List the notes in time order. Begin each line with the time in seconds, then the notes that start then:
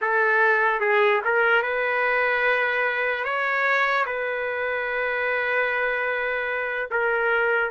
0.01 A4
0.80 G#4
1.24 A#4
1.62 B4
3.24 C#5
4.05 B4
6.91 A#4